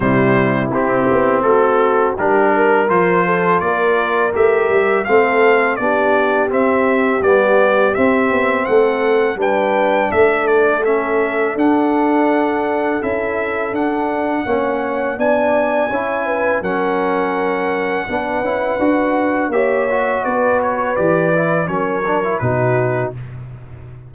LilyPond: <<
  \new Staff \with { instrumentName = "trumpet" } { \time 4/4 \tempo 4 = 83 c''4 g'4 a'4 ais'4 | c''4 d''4 e''4 f''4 | d''4 e''4 d''4 e''4 | fis''4 g''4 e''8 d''8 e''4 |
fis''2 e''4 fis''4~ | fis''4 gis''2 fis''4~ | fis''2. e''4 | d''8 cis''8 d''4 cis''4 b'4 | }
  \new Staff \with { instrumentName = "horn" } { \time 4/4 e'2 fis'4 g'8 ais'8~ | ais'8 a'8 ais'2 a'4 | g'1 | a'4 b'4 a'2~ |
a'1 | cis''4 d''4 cis''8 b'8 ais'4~ | ais'4 b'2 cis''4 | b'2 ais'4 fis'4 | }
  \new Staff \with { instrumentName = "trombone" } { \time 4/4 g4 c'2 d'4 | f'2 g'4 c'4 | d'4 c'4 b4 c'4~ | c'4 d'2 cis'4 |
d'2 e'4 d'4 | cis'4 d'4 e'4 cis'4~ | cis'4 d'8 e'8 fis'4 g'8 fis'8~ | fis'4 g'8 e'8 cis'8 d'16 e'16 dis'4 | }
  \new Staff \with { instrumentName = "tuba" } { \time 4/4 c4 c'8 b8 a4 g4 | f4 ais4 a8 g8 a4 | b4 c'4 g4 c'8 b8 | a4 g4 a2 |
d'2 cis'4 d'4 | ais4 b4 cis'4 fis4~ | fis4 b8 cis'8 d'4 ais4 | b4 e4 fis4 b,4 | }
>>